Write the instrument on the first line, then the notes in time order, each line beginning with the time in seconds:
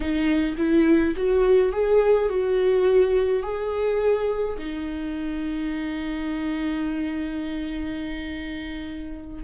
viola
0.00 D#4
0.57 E4
1.16 F#4
1.72 G#4
2.29 F#4
3.43 G#4
4.57 D#4